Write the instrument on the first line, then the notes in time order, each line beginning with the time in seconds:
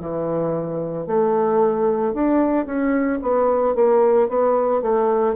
bassoon
0.00 E3
1.07 A3
2.14 D4
2.66 C#4
3.22 B3
3.75 A#3
4.29 B3
4.82 A3